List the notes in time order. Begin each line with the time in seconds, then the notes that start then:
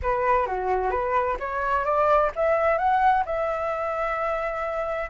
0.02 B4
0.46 F#4
0.91 B4
1.39 C#5
1.84 D5
2.35 E5
2.78 F#5
3.25 E5